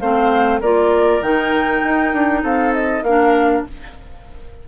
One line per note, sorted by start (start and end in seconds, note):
0.00 0.61 A3
0.00 0.62 C4
0.00 0.61 C5
0.00 0.61 F5
0.61 1.21 A#3
0.61 1.22 F4
0.61 2.42 A#4
0.61 1.23 D5
1.21 1.81 D#3
1.21 3.04 D#4
1.21 2.44 G5
1.84 2.13 D#4
2.13 2.43 D4
2.43 3.03 C4
2.43 3.04 A4
2.43 2.74 F5
2.74 3.04 D#5
3.03 3.64 A#3
3.03 3.68 D4
3.03 3.66 A#4
3.03 3.64 F5